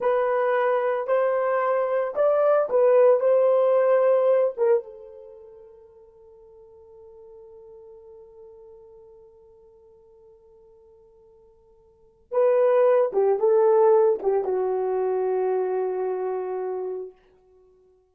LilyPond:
\new Staff \with { instrumentName = "horn" } { \time 4/4 \tempo 4 = 112 b'2 c''2 | d''4 b'4 c''2~ | c''8 ais'8 a'2.~ | a'1~ |
a'1~ | a'2. b'4~ | b'8 g'8 a'4. g'8 fis'4~ | fis'1 | }